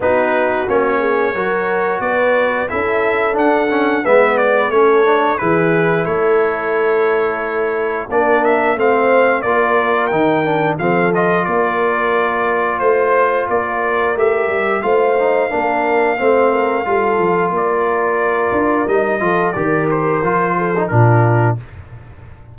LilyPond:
<<
  \new Staff \with { instrumentName = "trumpet" } { \time 4/4 \tempo 4 = 89 b'4 cis''2 d''4 | e''4 fis''4 e''8 d''8 cis''4 | b'4 cis''2. | d''8 e''8 f''4 d''4 g''4 |
f''8 dis''8 d''2 c''4 | d''4 e''4 f''2~ | f''2 d''2 | dis''4 d''8 c''4. ais'4 | }
  \new Staff \with { instrumentName = "horn" } { \time 4/4 fis'4. gis'8 ais'4 b'4 | a'2 b'4 a'4 | gis'4 a'2. | ais'4 c''4 ais'2 |
a'4 ais'2 c''4 | ais'2 c''4 ais'4 | c''8 ais'8 a'4 ais'2~ | ais'8 a'8 ais'4. a'8 f'4 | }
  \new Staff \with { instrumentName = "trombone" } { \time 4/4 dis'4 cis'4 fis'2 | e'4 d'8 cis'8 b4 cis'8 d'8 | e'1 | d'4 c'4 f'4 dis'8 d'8 |
c'8 f'2.~ f'8~ | f'4 g'4 f'8 dis'8 d'4 | c'4 f'2. | dis'8 f'8 g'4 f'8. dis'16 d'4 | }
  \new Staff \with { instrumentName = "tuba" } { \time 4/4 b4 ais4 fis4 b4 | cis'4 d'4 gis4 a4 | e4 a2. | ais4 a4 ais4 dis4 |
f4 ais2 a4 | ais4 a8 g8 a4 ais4 | a4 g8 f8 ais4. d'8 | g8 f8 dis4 f4 ais,4 | }
>>